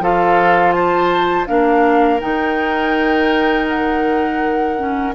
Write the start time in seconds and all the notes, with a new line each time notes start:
0.00 F3 F4 A4 F5
0.72 C5 A5
1.46 A#3 D4 A#4 F5
2.20 D#3 D#4 G5
3.68 F#5
4.77 C#4